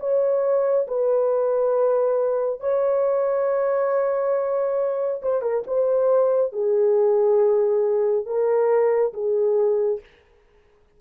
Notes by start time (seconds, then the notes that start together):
0.00 C#5
0.88 B4
2.61 C#5
5.23 C5
5.42 A#4
5.67 C5
6.53 G#4
8.26 A#4
9.14 G#4